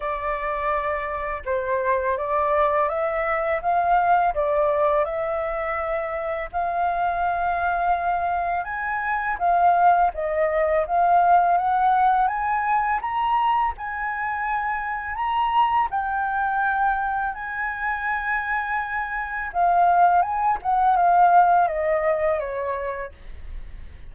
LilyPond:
\new Staff \with { instrumentName = "flute" } { \time 4/4 \tempo 4 = 83 d''2 c''4 d''4 | e''4 f''4 d''4 e''4~ | e''4 f''2. | gis''4 f''4 dis''4 f''4 |
fis''4 gis''4 ais''4 gis''4~ | gis''4 ais''4 g''2 | gis''2. f''4 | gis''8 fis''8 f''4 dis''4 cis''4 | }